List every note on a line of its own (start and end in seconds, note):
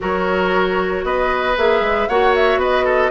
0.00 1.03 F#3
0.00 1.55 F#4
0.00 1.05 A#4
0.00 1.05 C#5
1.03 1.55 B3
1.03 2.08 B4
1.03 1.57 D#5
1.56 1.80 A#3
1.56 2.08 G#4
1.56 2.08 E5
1.80 2.06 G#3
2.08 2.56 A#3
2.08 3.11 F#4
2.08 2.59 C#5
2.08 2.34 F#5
2.35 2.61 E5
2.56 3.09 B3
2.56 2.84 B4
2.56 3.11 D#5
2.84 3.11 A4